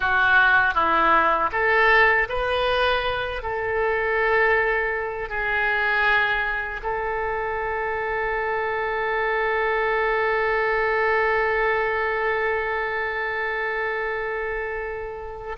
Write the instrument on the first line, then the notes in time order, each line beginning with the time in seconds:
oboe
0.00 F#4
0.74 E4
1.52 A4
2.28 B4
3.42 A4
5.29 G#4
6.83 A4